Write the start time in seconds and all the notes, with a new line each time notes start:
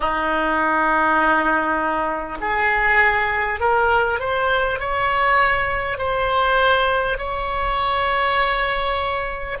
0.00 D#4
2.40 G#4
3.59 A#4
4.19 C5
4.79 C#5
5.97 C5
7.17 C#5